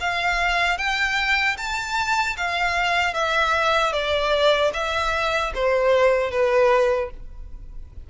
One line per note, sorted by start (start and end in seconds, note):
0.00 0.78 F5
0.78 1.56 G5
1.57 2.36 A5
2.37 3.14 F5
3.14 3.92 E5
3.92 4.71 D5
4.73 5.52 E5
5.54 6.31 C5
6.31 7.10 B4